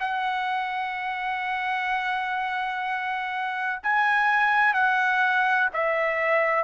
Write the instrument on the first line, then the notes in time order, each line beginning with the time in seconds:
trumpet
0.00 F#5
3.84 G#5
4.74 F#5
5.74 E5